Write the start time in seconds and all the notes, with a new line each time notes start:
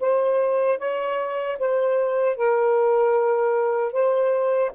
0.00 C5
0.78 C#5
1.58 C5
2.36 A#4
3.92 C5